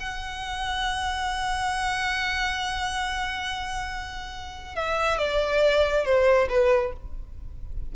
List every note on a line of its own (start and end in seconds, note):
0.00 4.75 F#5
4.75 5.18 E5
5.18 6.05 D5
6.05 6.48 C5
6.49 6.93 B4